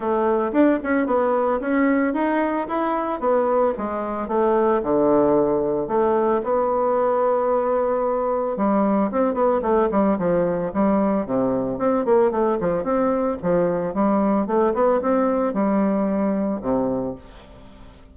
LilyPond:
\new Staff \with { instrumentName = "bassoon" } { \time 4/4 \tempo 4 = 112 a4 d'8 cis'8 b4 cis'4 | dis'4 e'4 b4 gis4 | a4 d2 a4 | b1 |
g4 c'8 b8 a8 g8 f4 | g4 c4 c'8 ais8 a8 f8 | c'4 f4 g4 a8 b8 | c'4 g2 c4 | }